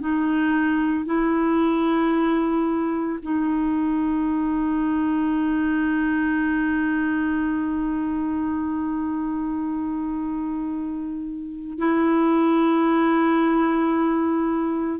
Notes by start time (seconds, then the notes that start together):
0.00 D#4
1.06 E4
3.22 D#4
11.79 E4